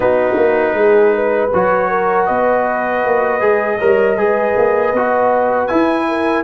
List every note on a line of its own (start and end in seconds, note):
0.00 0.35 B3
0.00 1.50 D#4
0.00 0.76 F#4
0.00 1.51 B4
0.36 0.73 A#3
0.73 1.49 G#3
0.73 1.14 G#4
1.14 1.89 B4
1.53 2.29 F#3
1.53 3.40 F#4
1.53 2.25 C#5
1.89 2.26 A#4
2.25 3.05 B3
2.25 3.78 B4
2.25 5.66 D#5
3.05 3.41 A#3
3.40 3.79 G#3
3.40 3.78 G#4
3.78 4.16 G3
3.78 4.17 A#4
3.78 4.16 C#5
4.16 4.54 G#3
4.16 4.93 G#4
4.16 6.07 B4
4.56 4.93 A#3
4.93 5.69 B3
4.93 5.68 F#4
5.66 6.44 E4
5.66 6.42 G#5
6.07 6.44 A#4